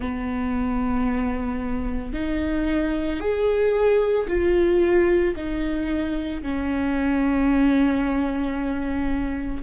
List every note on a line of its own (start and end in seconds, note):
0.00 2.13 B3
2.13 3.19 D#4
3.19 4.27 G#4
4.27 5.34 F4
5.36 6.42 D#4
6.42 9.62 C#4